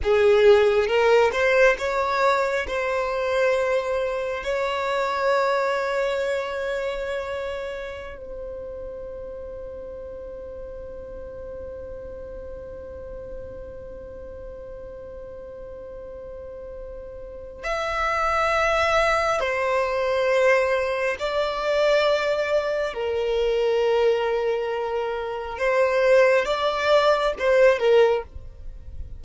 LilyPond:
\new Staff \with { instrumentName = "violin" } { \time 4/4 \tempo 4 = 68 gis'4 ais'8 c''8 cis''4 c''4~ | c''4 cis''2.~ | cis''4~ cis''16 c''2~ c''8.~ | c''1~ |
c''1 | e''2 c''2 | d''2 ais'2~ | ais'4 c''4 d''4 c''8 ais'8 | }